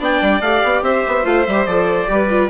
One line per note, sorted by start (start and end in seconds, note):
0.00 0.21 B3
0.00 0.42 D4
0.00 0.84 D5
0.00 0.41 G5
0.22 0.41 G3
0.41 0.61 A3
0.41 1.24 G4
0.41 0.83 F5
0.64 0.82 B3
0.82 1.03 C4
0.82 2.10 C5
0.82 1.26 E5
1.08 1.25 B3
1.24 1.46 A3
1.24 1.45 F4
1.24 1.47 F5
1.47 1.66 G3
1.47 1.67 G4
1.47 1.67 E5
1.66 2.08 F3
1.66 2.07 A4
1.66 2.50 D5
2.07 2.50 G3
2.07 2.28 G4
2.07 2.50 B4
2.30 2.50 F4